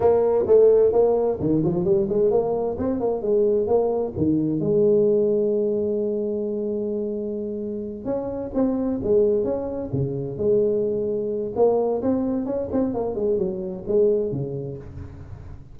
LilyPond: \new Staff \with { instrumentName = "tuba" } { \time 4/4 \tempo 4 = 130 ais4 a4 ais4 dis8 f8 | g8 gis8 ais4 c'8 ais8 gis4 | ais4 dis4 gis2~ | gis1~ |
gis4. cis'4 c'4 gis8~ | gis8 cis'4 cis4 gis4.~ | gis4 ais4 c'4 cis'8 c'8 | ais8 gis8 fis4 gis4 cis4 | }